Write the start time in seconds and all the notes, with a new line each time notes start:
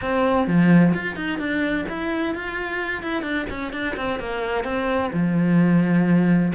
0.01 C4
0.47 F3
0.93 F4
1.15 D#4
1.38 D4
1.88 E4
2.34 F4
3.03 E4
3.22 D4
3.50 C#4
3.72 D4
3.96 C4
4.19 A#3
4.64 C4
5.12 F3